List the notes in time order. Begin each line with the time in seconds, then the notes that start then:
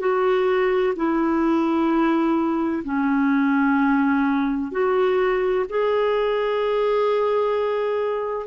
0.00 F#4
0.96 E4
2.84 C#4
4.72 F#4
5.70 G#4